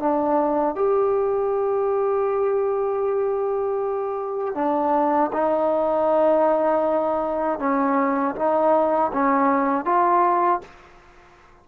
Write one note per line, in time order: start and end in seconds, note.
0.00 0.76 D4
0.76 4.55 G4
4.55 5.31 D4
5.33 7.60 D#4
7.60 8.36 C#4
8.36 9.12 D#4
9.13 9.86 C#4
9.86 10.62 F4